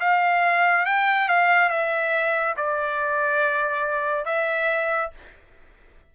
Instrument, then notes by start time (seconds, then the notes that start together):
trumpet
0.00 F5
0.85 G5
1.28 F5
1.69 E5
2.56 D5
4.25 E5